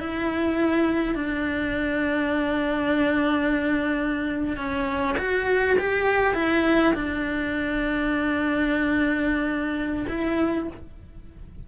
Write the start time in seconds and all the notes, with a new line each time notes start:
0.00 E4
1.15 D4
4.56 C#4
5.18 F#4
5.78 G4
6.34 E4
6.94 D4
10.08 E4